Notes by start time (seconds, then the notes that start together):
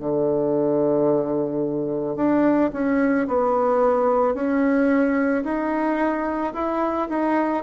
0.00 D3
2.16 D4
2.73 C#4
3.28 B3
4.35 C#4
5.44 D#4
6.54 E4
7.10 D#4